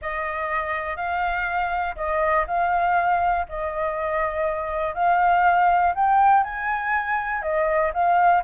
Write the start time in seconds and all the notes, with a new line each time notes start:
0.01 D#5
0.96 F5
1.96 D#5
2.47 F5
3.48 D#5
4.94 F5
5.95 G5
6.43 G#5
7.41 D#5
7.93 F5